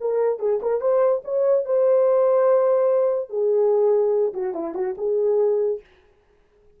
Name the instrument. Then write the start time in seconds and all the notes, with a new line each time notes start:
horn
0.00 A#4
0.39 G#4
0.62 A#4
0.80 C5
1.24 C#5
1.65 C5
3.29 G#4
4.33 F#4
4.54 E4
4.74 F#4
4.97 G#4